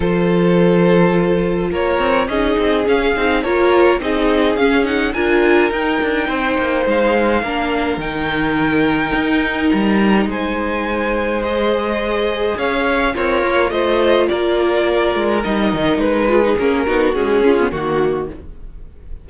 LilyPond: <<
  \new Staff \with { instrumentName = "violin" } { \time 4/4 \tempo 4 = 105 c''2. cis''4 | dis''4 f''4 cis''4 dis''4 | f''8 fis''8 gis''4 g''2 | f''2 g''2~ |
g''4 ais''4 gis''2 | dis''2 f''4 cis''4 | dis''4 d''2 dis''4 | b'4 ais'4 gis'4 fis'4 | }
  \new Staff \with { instrumentName = "violin" } { \time 4/4 a'2. ais'4 | gis'2 ais'4 gis'4~ | gis'4 ais'2 c''4~ | c''4 ais'2.~ |
ais'2 c''2~ | c''2 cis''4 f'4 | c''4 ais'2.~ | ais'8 gis'4 fis'4 f'8 fis'4 | }
  \new Staff \with { instrumentName = "viola" } { \time 4/4 f'1 | dis'4 cis'8 dis'8 f'4 dis'4 | cis'8 dis'8 f'4 dis'2~ | dis'4 d'4 dis'2~ |
dis'1 | gis'2. ais'4 | f'2. dis'4~ | dis'8 f'16 dis'16 cis'8 dis'8 gis8 cis'16 b16 ais4 | }
  \new Staff \with { instrumentName = "cello" } { \time 4/4 f2. ais8 c'8 | cis'8 c'8 cis'8 c'8 ais4 c'4 | cis'4 d'4 dis'8 d'8 c'8 ais8 | gis4 ais4 dis2 |
dis'4 g4 gis2~ | gis2 cis'4 c'8 ais8 | a4 ais4. gis8 g8 dis8 | gis4 ais8 b8 cis'4 dis4 | }
>>